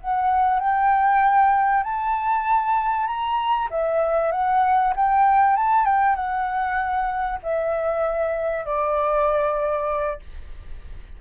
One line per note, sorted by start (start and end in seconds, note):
0.00 0.59 F#5
0.59 1.83 G5
1.83 3.06 A5
3.06 3.68 A#5
3.70 4.32 E5
4.32 4.93 F#5
4.95 5.56 G5
5.56 5.85 A5
5.85 6.15 G5
6.15 7.39 F#5
7.43 8.65 E5
8.65 10.19 D5